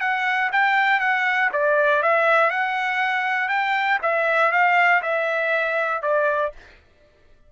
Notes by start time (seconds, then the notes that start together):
0.00 F#5
0.52 G5
1.00 F#5
1.52 D5
2.02 E5
2.50 F#5
3.49 G5
4.02 E5
4.51 F5
5.02 E5
6.02 D5